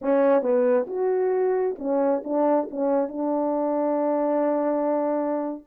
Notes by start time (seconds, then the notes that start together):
0.01 C#4
0.42 B3
0.87 F#4
1.78 C#4
2.24 D4
2.70 C#4
3.08 D4